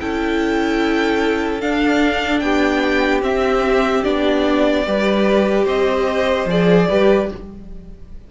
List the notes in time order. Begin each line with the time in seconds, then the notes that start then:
0.00 C#4 E4 A4 G5
1.61 D4 F5
2.40 B3 G4 G5
3.22 C4 E5
4.04 B3 D4 D5
4.87 G3 G4 B4
5.65 C4 C5 D#5
6.46 F3 G#4 D5
6.89 G3 G4 B4